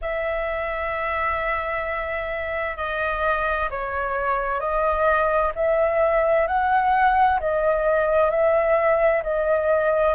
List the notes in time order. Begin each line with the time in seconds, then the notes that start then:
0.01 E5
2.77 D#5
3.70 C#5
4.59 D#5
5.55 E5
6.47 F#5
7.40 D#5
8.30 E5
9.23 D#5